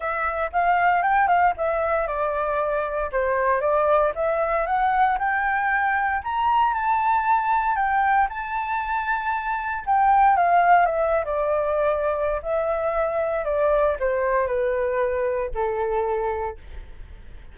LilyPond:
\new Staff \with { instrumentName = "flute" } { \time 4/4 \tempo 4 = 116 e''4 f''4 g''8 f''8 e''4 | d''2 c''4 d''4 | e''4 fis''4 g''2 | ais''4 a''2 g''4 |
a''2. g''4 | f''4 e''8. d''2~ d''16 | e''2 d''4 c''4 | b'2 a'2 | }